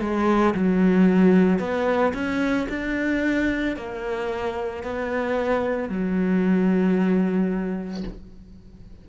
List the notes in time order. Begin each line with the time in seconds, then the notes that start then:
0.00 G#3
0.54 F#3
1.59 B3
2.13 C#4
2.69 D4
3.76 A#3
4.83 B3
5.89 F#3